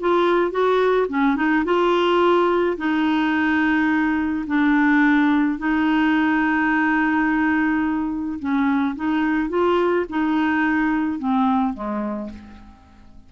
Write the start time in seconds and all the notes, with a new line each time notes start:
0.00 F4
0.51 F#4
1.09 C#4
1.36 D#4
1.65 F4
2.77 D#4
4.47 D4
5.58 D#4
8.39 C#4
8.96 D#4
9.49 F4
10.09 D#4
11.19 C4
11.73 G#3